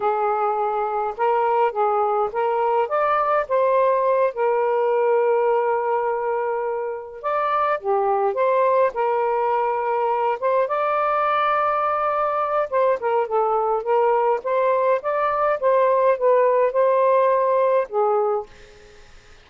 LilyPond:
\new Staff \with { instrumentName = "saxophone" } { \time 4/4 \tempo 4 = 104 gis'2 ais'4 gis'4 | ais'4 d''4 c''4. ais'8~ | ais'1~ | ais'8 d''4 g'4 c''4 ais'8~ |
ais'2 c''8 d''4.~ | d''2 c''8 ais'8 a'4 | ais'4 c''4 d''4 c''4 | b'4 c''2 gis'4 | }